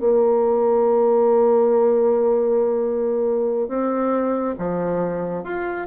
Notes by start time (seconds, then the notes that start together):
0.00 A#3
3.68 C4
4.58 F3
5.44 F4